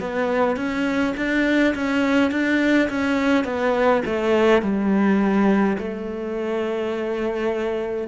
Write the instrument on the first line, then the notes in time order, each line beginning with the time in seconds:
cello
0.00 B3
0.56 C#4
1.16 D4
1.75 C#4
2.31 D4
2.89 C#4
3.44 B3
4.05 A3
4.62 G3
5.77 A3